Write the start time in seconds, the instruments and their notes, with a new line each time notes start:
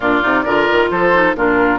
0.00 bassoon A#2, clarinet D4, oboe F4, flute D5
0.22 bassoon C3, clarinet D#4
0.44 bassoon D3, clarinet F4, oboe A#4
0.71 bassoon D#3
0.90 bassoon F3, oboe A4, flute C5
1.13 clarinet D#4
1.35 bassoon A#2, clarinet D4, oboe F4, flute A#4